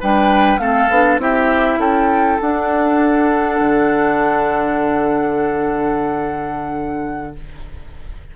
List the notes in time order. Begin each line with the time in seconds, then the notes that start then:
0.00 G3 D4 B4 G5
0.58 A3 C4 A4 F5
0.89 B3 D4
1.18 C4 E4 G4 E5
1.78 C#4 A4 G5
2.40 D4 F#5
3.60 D3